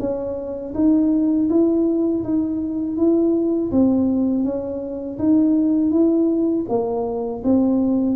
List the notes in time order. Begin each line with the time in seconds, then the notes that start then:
0.00 C#4
0.75 D#4
1.50 E4
2.25 D#4
2.97 E4
3.72 C4
4.44 C#4
5.19 D#4
5.92 E4
6.69 A#3
7.44 C4